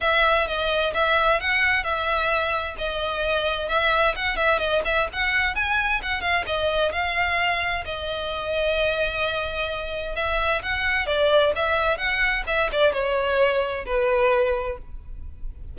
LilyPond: \new Staff \with { instrumentName = "violin" } { \time 4/4 \tempo 4 = 130 e''4 dis''4 e''4 fis''4 | e''2 dis''2 | e''4 fis''8 e''8 dis''8 e''8 fis''4 | gis''4 fis''8 f''8 dis''4 f''4~ |
f''4 dis''2.~ | dis''2 e''4 fis''4 | d''4 e''4 fis''4 e''8 d''8 | cis''2 b'2 | }